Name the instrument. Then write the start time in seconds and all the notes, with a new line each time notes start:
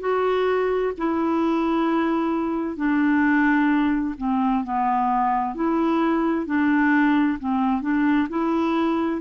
clarinet
0.00 F#4
0.97 E4
2.76 D4
4.17 C4
4.64 B3
5.55 E4
6.46 D4
7.39 C4
7.82 D4
8.29 E4